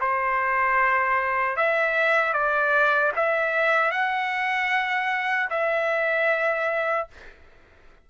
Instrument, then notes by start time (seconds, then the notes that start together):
trumpet
0.00 C5
1.56 E5
2.33 D5
3.16 E5
3.91 F#5
5.50 E5